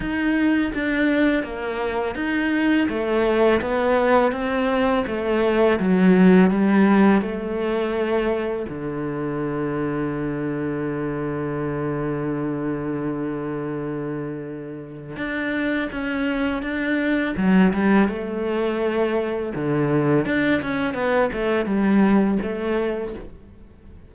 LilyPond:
\new Staff \with { instrumentName = "cello" } { \time 4/4 \tempo 4 = 83 dis'4 d'4 ais4 dis'4 | a4 b4 c'4 a4 | fis4 g4 a2 | d1~ |
d1~ | d4 d'4 cis'4 d'4 | fis8 g8 a2 d4 | d'8 cis'8 b8 a8 g4 a4 | }